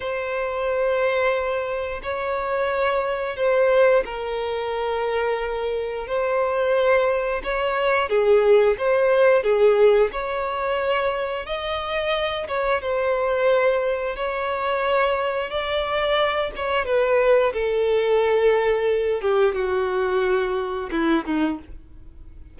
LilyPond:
\new Staff \with { instrumentName = "violin" } { \time 4/4 \tempo 4 = 89 c''2. cis''4~ | cis''4 c''4 ais'2~ | ais'4 c''2 cis''4 | gis'4 c''4 gis'4 cis''4~ |
cis''4 dis''4. cis''8 c''4~ | c''4 cis''2 d''4~ | d''8 cis''8 b'4 a'2~ | a'8 g'8 fis'2 e'8 dis'8 | }